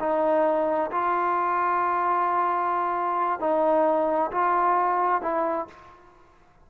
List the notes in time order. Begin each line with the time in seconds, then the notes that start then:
0.00 D#4
0.92 F4
3.40 D#4
4.32 F4
5.22 E4